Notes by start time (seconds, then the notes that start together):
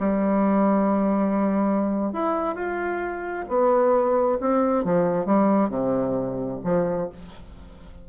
0.00 G3
2.13 E4
2.55 F4
3.49 B3
4.41 C4
4.85 F3
5.26 G3
5.70 C3
6.64 F3